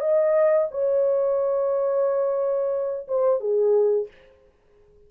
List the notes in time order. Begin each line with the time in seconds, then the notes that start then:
0.00 D#5
0.70 C#5
3.07 C5
3.40 G#4